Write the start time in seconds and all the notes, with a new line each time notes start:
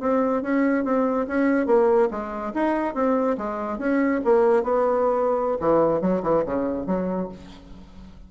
0.00 C4
0.42 C#4
0.84 C4
1.27 C#4
1.66 A#3
2.10 G#3
2.54 D#4
2.94 C4
3.37 G#3
3.78 C#4
4.24 A#3
4.63 B3
5.60 E3
6.01 F#3
6.22 E3
6.45 C#3
6.86 F#3